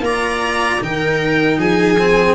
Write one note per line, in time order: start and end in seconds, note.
0.00 0.78 A#3
0.00 0.79 F4
0.00 0.83 D5
0.00 0.82 A#5
0.81 1.58 D#3
0.81 1.97 D#4
0.81 1.58 A#4
0.81 1.60 G5
1.58 2.35 F3
1.58 2.35 G#4
1.58 2.35 G#5
1.99 2.35 C4